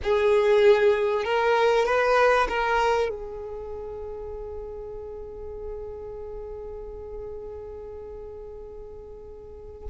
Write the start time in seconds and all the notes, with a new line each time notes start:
0.03 G#4
1.24 A#4
1.85 B4
2.48 A#4
3.09 G#4